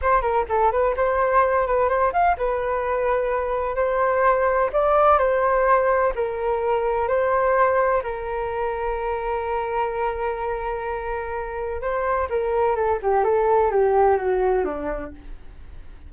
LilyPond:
\new Staff \with { instrumentName = "flute" } { \time 4/4 \tempo 4 = 127 c''8 ais'8 a'8 b'8 c''4. b'8 | c''8 f''8 b'2. | c''2 d''4 c''4~ | c''4 ais'2 c''4~ |
c''4 ais'2.~ | ais'1~ | ais'4 c''4 ais'4 a'8 g'8 | a'4 g'4 fis'4 d'4 | }